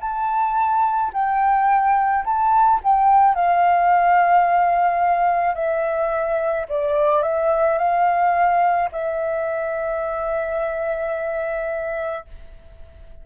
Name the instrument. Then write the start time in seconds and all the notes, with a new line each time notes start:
flute
0.00 A5
1.13 G5
2.25 A5
2.83 G5
3.35 F5
5.55 E5
6.69 D5
7.22 E5
7.78 F5
8.92 E5